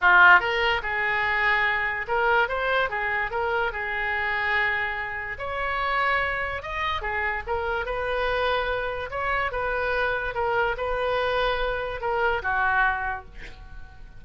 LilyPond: \new Staff \with { instrumentName = "oboe" } { \time 4/4 \tempo 4 = 145 f'4 ais'4 gis'2~ | gis'4 ais'4 c''4 gis'4 | ais'4 gis'2.~ | gis'4 cis''2. |
dis''4 gis'4 ais'4 b'4~ | b'2 cis''4 b'4~ | b'4 ais'4 b'2~ | b'4 ais'4 fis'2 | }